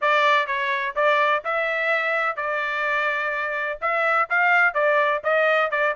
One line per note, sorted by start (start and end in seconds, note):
0.01 0.47 D5
0.47 0.94 C#5
0.95 1.43 D5
1.44 2.36 E5
2.36 3.79 D5
3.81 4.29 E5
4.29 4.74 F5
4.74 5.21 D5
5.23 5.71 D#5
5.71 5.94 D5